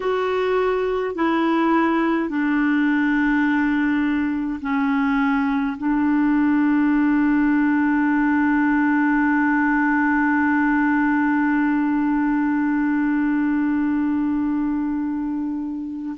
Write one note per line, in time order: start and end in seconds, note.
0.00 1.15 F#4
1.15 2.29 E4
2.29 4.59 D4
4.61 5.76 C#4
5.77 16.15 D4